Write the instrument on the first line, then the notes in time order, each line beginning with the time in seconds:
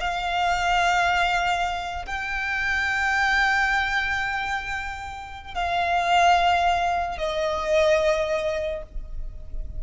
violin
0.00 F5
2.06 G5
5.54 F5
7.18 D#5